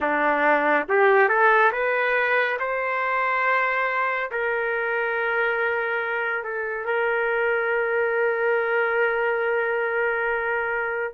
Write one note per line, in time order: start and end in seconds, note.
0.00 0.86 D4
0.88 1.28 G4
1.28 1.71 A4
1.71 2.57 B4
2.59 4.31 C5
4.31 6.43 A#4
6.43 6.85 A4
6.85 11.14 A#4